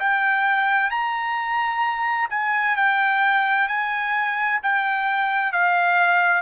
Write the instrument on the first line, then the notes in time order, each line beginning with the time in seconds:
trumpet
0.00 G5
0.91 A#5
2.31 G#5
2.77 G5
3.68 G#5
4.63 G5
5.53 F5